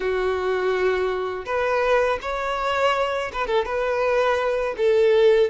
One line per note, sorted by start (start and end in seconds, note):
0.00 1.45 F#4
1.45 2.19 B4
2.22 3.31 C#5
3.32 3.47 B4
3.47 3.65 A4
3.65 4.74 B4
4.77 5.50 A4